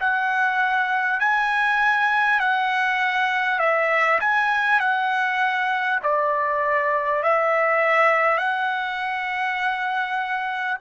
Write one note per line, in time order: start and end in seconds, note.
0.00 1.19 F#5
1.19 2.39 G#5
2.40 3.59 F#5
3.59 4.19 E5
4.20 4.80 G#5
4.80 6.00 F#5
6.03 7.23 D5
7.23 8.38 E5
8.38 10.78 F#5